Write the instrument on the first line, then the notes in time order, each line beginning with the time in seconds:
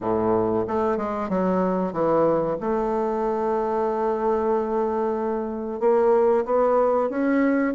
bassoon
0.00 A2
0.67 A3
0.97 G#3
1.29 F#3
1.92 E3
2.60 A3
5.80 A#3
6.45 B3
7.09 C#4